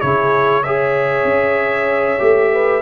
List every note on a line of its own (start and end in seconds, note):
0.00 1.24 C#3
0.00 0.64 E4
0.00 0.63 G#4
0.00 0.63 C#5
0.63 2.19 G#4
0.63 2.52 C#5
0.63 2.82 E5
1.24 2.19 C#4
2.19 2.82 A3
2.19 2.82 G4
2.52 2.82 B4